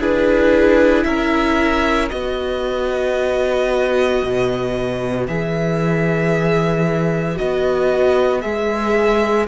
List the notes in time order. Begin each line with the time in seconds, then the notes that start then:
0.00 D4 E4 G#4 B4
1.04 C#4 A#4 E5
2.10 B3 F#4 B4 D#5
4.24 B2
5.28 E3 G#4 E5
7.36 B3 F#4 D#5
8.41 G#3 G#4 E5